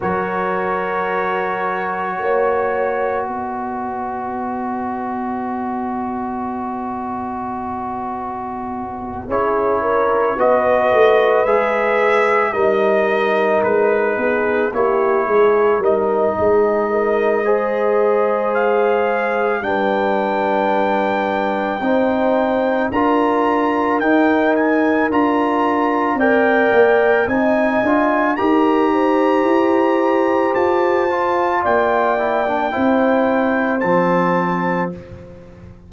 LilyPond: <<
  \new Staff \with { instrumentName = "trumpet" } { \time 4/4 \tempo 4 = 55 cis''2. dis''4~ | dis''1~ | dis''8 cis''4 dis''4 e''4 dis''8~ | dis''8 b'4 cis''4 dis''4.~ |
dis''4 f''4 g''2~ | g''4 ais''4 g''8 gis''8 ais''4 | g''4 gis''4 ais''2 | a''4 g''2 a''4 | }
  \new Staff \with { instrumentName = "horn" } { \time 4/4 ais'2 cis''4 b'4~ | b'1~ | b'8 gis'8 ais'8 b'2 ais'8~ | ais'4 gis'8 g'8 gis'8 ais'8 gis'8 ais'8 |
c''2 b'2 | c''4 ais'2. | d''4 dis''4 ais'8 c''4.~ | c''4 d''4 c''2 | }
  \new Staff \with { instrumentName = "trombone" } { \time 4/4 fis'1~ | fis'1~ | fis'8 e'4 fis'4 gis'4 dis'8~ | dis'4. e'4 dis'4. |
gis'2 d'2 | dis'4 f'4 dis'4 f'4 | ais'4 dis'8 f'8 g'2~ | g'8 f'4 e'16 d'16 e'4 c'4 | }
  \new Staff \with { instrumentName = "tuba" } { \time 4/4 fis2 ais4 b4~ | b1~ | b8 cis'4 b8 a8 gis4 g8~ | g8 gis8 b8 ais8 gis8 g8 gis4~ |
gis2 g2 | c'4 d'4 dis'4 d'4 | c'8 ais8 c'8 d'8 dis'4 e'4 | f'4 ais4 c'4 f4 | }
>>